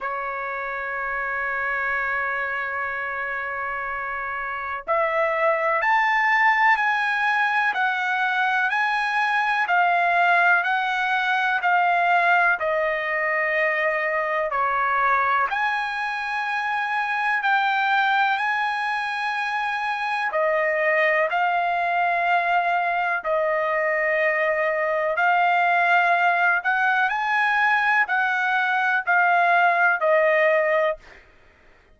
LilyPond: \new Staff \with { instrumentName = "trumpet" } { \time 4/4 \tempo 4 = 62 cis''1~ | cis''4 e''4 a''4 gis''4 | fis''4 gis''4 f''4 fis''4 | f''4 dis''2 cis''4 |
gis''2 g''4 gis''4~ | gis''4 dis''4 f''2 | dis''2 f''4. fis''8 | gis''4 fis''4 f''4 dis''4 | }